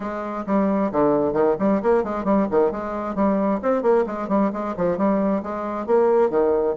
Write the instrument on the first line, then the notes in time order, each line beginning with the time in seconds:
bassoon
0.00 G#3
0.46 G3
0.91 D3
1.33 D#3
1.59 G3
1.82 A#3
2.03 G#3
2.24 G3
2.50 D#3
2.71 G#3
3.15 G3
3.62 C4
3.82 A#3
4.06 G#3
4.28 G3
4.52 G#3
4.76 F3
4.97 G3
5.42 G#3
5.86 A#3
6.30 D#3